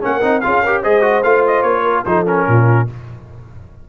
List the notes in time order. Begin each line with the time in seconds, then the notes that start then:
0.00 A#3 C#4 A#4 F#5
0.21 C4 D#4
0.40 C#4 F4 G#4 F5
0.62 G4 A#4
0.81 G#3 G#4 C5 D#5
1.01 F#4
1.22 A3 F4 F5
1.46 D#5
1.62 A#3 C#5
1.83 A#4
2.04 F3 D#4 A4 C5
2.26 C#4 A#4
2.47 A#2 F4